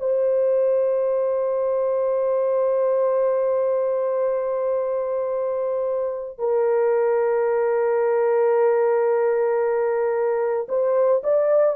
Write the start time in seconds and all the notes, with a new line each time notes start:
0.00 C5
6.39 A#4
10.69 C5
11.24 D5